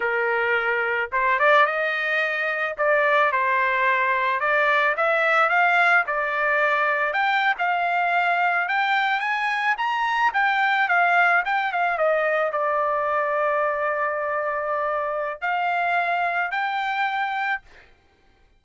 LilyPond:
\new Staff \with { instrumentName = "trumpet" } { \time 4/4 \tempo 4 = 109 ais'2 c''8 d''8 dis''4~ | dis''4 d''4 c''2 | d''4 e''4 f''4 d''4~ | d''4 g''8. f''2 g''16~ |
g''8. gis''4 ais''4 g''4 f''16~ | f''8. g''8 f''8 dis''4 d''4~ d''16~ | d''1 | f''2 g''2 | }